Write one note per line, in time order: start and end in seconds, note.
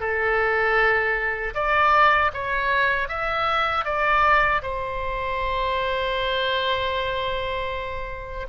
0.00 1.54 A4
1.54 2.31 D5
2.34 3.08 C#5
3.08 3.85 E5
3.85 4.62 D5
4.62 8.47 C5